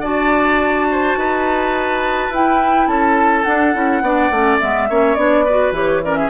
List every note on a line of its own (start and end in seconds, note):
0.00 1.15 D4
0.00 2.31 F#4
0.00 0.86 D5
0.00 2.32 A5
0.91 1.18 C5
1.16 2.29 D#4
1.16 2.88 B4
2.29 2.86 E4
2.29 3.45 E4
2.29 2.87 G5
2.87 3.44 C#4
2.87 4.03 A4
2.87 3.43 A5
3.43 3.73 D4
3.43 3.75 D4
3.43 4.57 F#5
3.73 4.01 C#4
3.73 4.02 E4
4.01 4.29 B3
4.01 4.32 D4
4.01 4.89 D5
4.30 4.59 A3
4.30 4.60 C#4
4.59 4.89 G#3
4.59 4.89 B3
4.59 5.14 E5
4.89 5.16 A#3
4.89 5.17 C#4
4.89 5.44 C#5
5.14 5.71 B3
5.14 5.45 D4
5.14 5.71 D5
5.44 5.74 F#4
5.44 6.01 B4
5.71 6.28 E3
5.71 6.02 G4
5.71 6.03 C#5
6.04 6.29 C#4
6.04 6.18 A#4
6.04 6.15 D5
6.15 6.29 G#4
6.15 6.29 E5